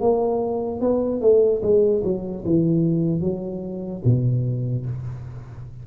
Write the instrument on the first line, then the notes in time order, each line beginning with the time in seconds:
tuba
0.00 A#3
0.81 B3
1.21 A3
1.62 G#3
2.04 F#3
2.45 E3
3.21 F#3
4.05 B2